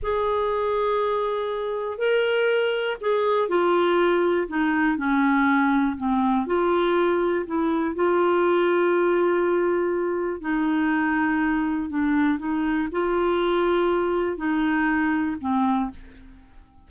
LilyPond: \new Staff \with { instrumentName = "clarinet" } { \time 4/4 \tempo 4 = 121 gis'1 | ais'2 gis'4 f'4~ | f'4 dis'4 cis'2 | c'4 f'2 e'4 |
f'1~ | f'4 dis'2. | d'4 dis'4 f'2~ | f'4 dis'2 c'4 | }